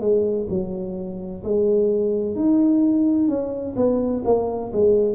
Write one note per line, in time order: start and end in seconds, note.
0.00 0.47 G#3
0.49 1.43 F#3
1.44 2.35 G#3
2.35 3.28 D#4
3.28 3.75 C#4
3.76 4.23 B3
4.24 4.71 A#3
4.73 5.14 G#3